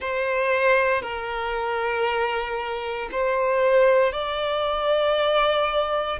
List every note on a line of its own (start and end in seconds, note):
0.00 1.02 C5
1.02 3.08 A#4
3.11 4.12 C5
4.12 6.19 D5